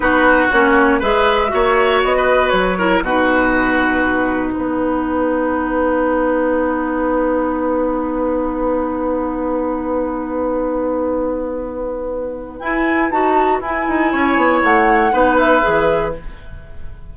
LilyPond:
<<
  \new Staff \with { instrumentName = "flute" } { \time 4/4 \tempo 4 = 119 b'4 cis''4 e''2 | dis''4 cis''4 b'2~ | b'4 fis''2.~ | fis''1~ |
fis''1~ | fis''1~ | fis''4 gis''4 a''4 gis''4~ | gis''4 fis''4. e''4. | }
  \new Staff \with { instrumentName = "oboe" } { \time 4/4 fis'2 b'4 cis''4~ | cis''16 b'4~ b'16 ais'8 fis'2~ | fis'4 b'2.~ | b'1~ |
b'1~ | b'1~ | b'1 | cis''2 b'2 | }
  \new Staff \with { instrumentName = "clarinet" } { \time 4/4 dis'4 cis'4 gis'4 fis'4~ | fis'4. e'8 dis'2~ | dis'1~ | dis'1~ |
dis'1~ | dis'1~ | dis'4 e'4 fis'4 e'4~ | e'2 dis'4 gis'4 | }
  \new Staff \with { instrumentName = "bassoon" } { \time 4/4 b4 ais4 gis4 ais4 | b4 fis4 b,2~ | b,4 b2.~ | b1~ |
b1~ | b1~ | b4 e'4 dis'4 e'8 dis'8 | cis'8 b8 a4 b4 e4 | }
>>